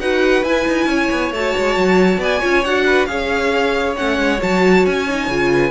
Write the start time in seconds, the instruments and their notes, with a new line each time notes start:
0.00 cello D#4, viola F#4, violin B4 F#5
0.43 cello E4, viola E4, violin G#5
0.68 cello D#4
0.86 cello C#4, violin C#5
1.11 cello B3
1.31 cello A3, viola F#4, violin A5
1.58 cello G#3
1.77 cello F#3
2.18 cello B3, violin D5 G#5
2.39 cello C#4, viola F4, violin C#5
2.65 cello D4, viola F#4, violin F#5
2.86 violin B4
3.06 cello C#4, viola G#4, violin C#5 F5
3.96 cello A3, viola C#4, violin F#5
4.18 cello G#3
4.39 cello F#3, viola F#4, violin A5
4.86 cello C#4, violin G#5
5.09 viola D#4
5.27 cello C#3, viola F4
5.52 violin B4